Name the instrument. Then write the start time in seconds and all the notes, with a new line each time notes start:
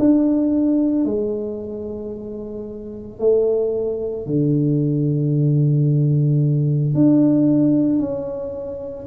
tuba
0.00 D4
1.05 G#3
3.19 A3
4.27 D3
6.94 D4
8.00 C#4